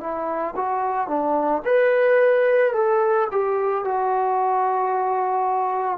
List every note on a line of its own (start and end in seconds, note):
0.00 0.55 E4
0.56 1.08 F#4
1.08 1.62 D4
1.65 2.73 B4
2.73 3.28 A4
3.31 3.85 G4
3.85 5.98 F#4